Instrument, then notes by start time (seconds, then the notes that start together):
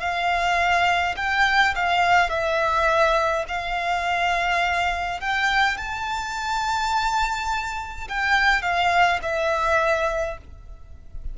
violin
0.00 F5
1.16 G5
1.75 F5
2.29 E5
3.48 F5
5.20 G5
5.77 A5
8.08 G5
8.62 F5
9.22 E5